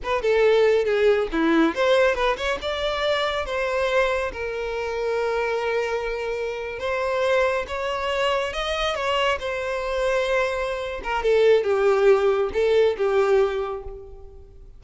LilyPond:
\new Staff \with { instrumentName = "violin" } { \time 4/4 \tempo 4 = 139 b'8 a'4. gis'4 e'4 | c''4 b'8 cis''8 d''2 | c''2 ais'2~ | ais'2.~ ais'8. c''16~ |
c''4.~ c''16 cis''2 dis''16~ | dis''8. cis''4 c''2~ c''16~ | c''4. ais'8 a'4 g'4~ | g'4 a'4 g'2 | }